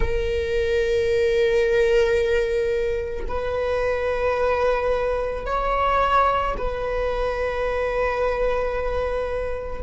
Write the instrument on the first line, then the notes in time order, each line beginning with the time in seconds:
viola
0.00 A#4
3.27 B4
5.45 C#5
6.57 B4